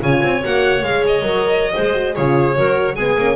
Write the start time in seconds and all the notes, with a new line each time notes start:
0.00 C#3 F4 C#5 G#5
0.23 C4
0.41 A#3 F#4 F#5
0.82 G#3 G#4 F5
1.06 D#5
1.22 F#3 A#4
1.74 G#3 G#4 C5
1.93 F#4
2.14 C#3 F4 G#4 C#5
2.55 F#3 F#4 A#4
2.94 G#3 B3 G#4 G#5
3.17 A#3 C#4